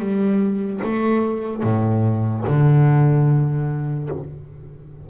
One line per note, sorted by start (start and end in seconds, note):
0.00 0.81 G3
0.84 1.63 A3
1.63 2.44 A2
2.48 4.10 D3